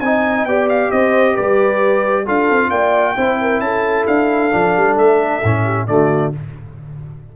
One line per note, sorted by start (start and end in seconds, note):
0.00 0.45 C4
0.00 0.48 D#4
0.00 0.48 D#5
0.00 0.45 G#5
0.45 0.90 B3
0.45 2.26 G4
0.45 0.93 D5
0.45 0.68 G5
0.69 0.91 F5
0.91 1.37 C4
0.91 1.34 C5
0.91 1.36 D#5
1.34 2.28 G3
1.34 2.24 B4
1.34 2.26 D5
2.25 2.50 D4
2.25 3.16 F4
2.25 2.70 A4
2.25 2.70 F5
2.50 2.71 C4
2.70 3.16 A#3
2.70 3.15 D5
2.70 3.60 G5
3.17 3.60 C4
3.17 4.51 E4
3.17 3.39 C5
3.41 3.64 A#4
3.60 4.05 C#4
3.60 5.64 A4
3.60 4.05 A5
4.07 4.52 D4
4.07 4.97 F5
4.51 4.76 F3
4.51 5.42 D4
4.76 4.97 G3
4.97 5.42 A3
4.97 5.87 E5
5.43 5.88 A2
5.43 5.87 C#4
5.64 5.86 G4
5.87 6.33 D3
5.87 6.32 A3
5.87 6.36 F#4
5.87 6.32 D5